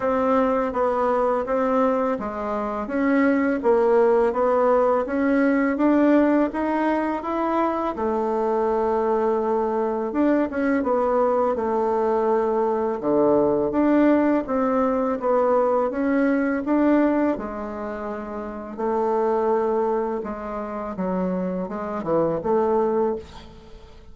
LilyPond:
\new Staff \with { instrumentName = "bassoon" } { \time 4/4 \tempo 4 = 83 c'4 b4 c'4 gis4 | cis'4 ais4 b4 cis'4 | d'4 dis'4 e'4 a4~ | a2 d'8 cis'8 b4 |
a2 d4 d'4 | c'4 b4 cis'4 d'4 | gis2 a2 | gis4 fis4 gis8 e8 a4 | }